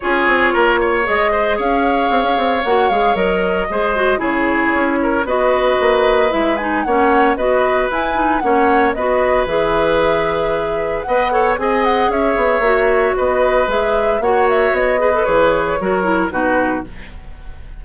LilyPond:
<<
  \new Staff \with { instrumentName = "flute" } { \time 4/4 \tempo 4 = 114 cis''2 dis''4 f''4~ | f''4 fis''8 f''8 dis''2 | cis''2 dis''2 | e''8 gis''8 fis''4 dis''4 gis''4 |
fis''4 dis''4 e''2~ | e''4 fis''4 gis''8 fis''8 e''4~ | e''4 dis''4 e''4 fis''8 e''8 | dis''4 cis''2 b'4 | }
  \new Staff \with { instrumentName = "oboe" } { \time 4/4 gis'4 ais'8 cis''4 c''8 cis''4~ | cis''2. c''4 | gis'4. ais'8 b'2~ | b'4 cis''4 b'2 |
cis''4 b'2.~ | b'4 dis''8 cis''8 dis''4 cis''4~ | cis''4 b'2 cis''4~ | cis''8 b'4. ais'4 fis'4 | }
  \new Staff \with { instrumentName = "clarinet" } { \time 4/4 f'2 gis'2~ | gis'4 fis'8 gis'8 ais'4 gis'8 fis'8 | e'2 fis'2 | e'8 dis'8 cis'4 fis'4 e'8 dis'8 |
cis'4 fis'4 gis'2~ | gis'4 b'8 a'8 gis'2 | fis'2 gis'4 fis'4~ | fis'8 gis'16 a'16 gis'4 fis'8 e'8 dis'4 | }
  \new Staff \with { instrumentName = "bassoon" } { \time 4/4 cis'8 c'8 ais4 gis4 cis'4 | c'16 cis'16 c'8 ais8 gis8 fis4 gis4 | cis4 cis'4 b4 ais4 | gis4 ais4 b4 e'4 |
ais4 b4 e2~ | e4 b4 c'4 cis'8 b8 | ais4 b4 gis4 ais4 | b4 e4 fis4 b,4 | }
>>